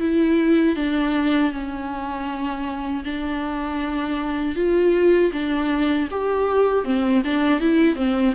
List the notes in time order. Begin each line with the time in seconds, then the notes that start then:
0.00 E4
0.76 D4
1.52 C#4
3.04 D4
4.56 F4
5.33 D4
6.11 G4
6.85 C4
7.25 D4
7.61 E4
7.96 C4